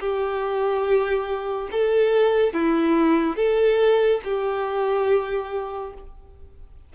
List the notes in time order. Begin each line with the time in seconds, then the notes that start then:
0.00 G4
1.71 A4
2.54 E4
3.36 A4
4.24 G4